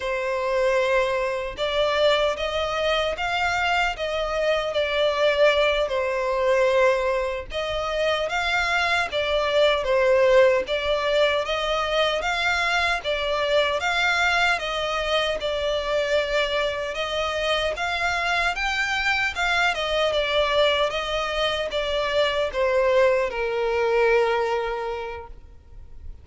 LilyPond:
\new Staff \with { instrumentName = "violin" } { \time 4/4 \tempo 4 = 76 c''2 d''4 dis''4 | f''4 dis''4 d''4. c''8~ | c''4. dis''4 f''4 d''8~ | d''8 c''4 d''4 dis''4 f''8~ |
f''8 d''4 f''4 dis''4 d''8~ | d''4. dis''4 f''4 g''8~ | g''8 f''8 dis''8 d''4 dis''4 d''8~ | d''8 c''4 ais'2~ ais'8 | }